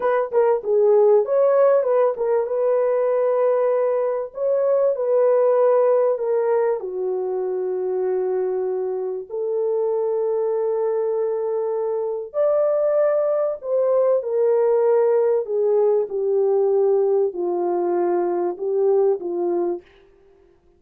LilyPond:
\new Staff \with { instrumentName = "horn" } { \time 4/4 \tempo 4 = 97 b'8 ais'8 gis'4 cis''4 b'8 ais'8 | b'2. cis''4 | b'2 ais'4 fis'4~ | fis'2. a'4~ |
a'1 | d''2 c''4 ais'4~ | ais'4 gis'4 g'2 | f'2 g'4 f'4 | }